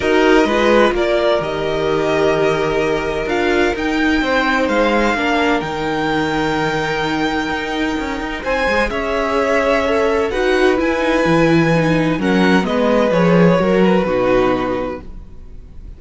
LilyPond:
<<
  \new Staff \with { instrumentName = "violin" } { \time 4/4 \tempo 4 = 128 dis''2 d''4 dis''4~ | dis''2. f''4 | g''2 f''2 | g''1~ |
g''2 gis''4 e''4~ | e''2 fis''4 gis''4~ | gis''2 fis''4 dis''4 | cis''4. b'2~ b'8 | }
  \new Staff \with { instrumentName = "violin" } { \time 4/4 ais'4 b'4 ais'2~ | ais'1~ | ais'4 c''2 ais'4~ | ais'1~ |
ais'2 c''4 cis''4~ | cis''2 b'2~ | b'2 ais'4 b'4~ | b'4 ais'4 fis'2 | }
  \new Staff \with { instrumentName = "viola" } { \time 4/4 fis'4 f'2 g'4~ | g'2. f'4 | dis'2. d'4 | dis'1~ |
dis'2~ dis'8 gis'4.~ | gis'4 a'4 fis'4 e'8 dis'8 | e'4 dis'4 cis'4 b4 | gis'4 fis'4 dis'2 | }
  \new Staff \with { instrumentName = "cello" } { \time 4/4 dis'4 gis4 ais4 dis4~ | dis2. d'4 | dis'4 c'4 gis4 ais4 | dis1 |
dis'4 cis'8 dis'8 c'8 gis8 cis'4~ | cis'2 dis'4 e'4 | e2 fis4 gis4 | f4 fis4 b,2 | }
>>